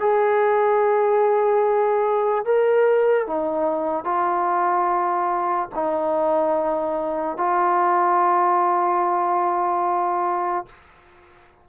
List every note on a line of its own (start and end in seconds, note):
0.00 2.45 G#4
2.45 3.27 A#4
3.27 4.05 D#4
4.05 5.69 F4
5.75 7.37 D#4
7.37 10.66 F4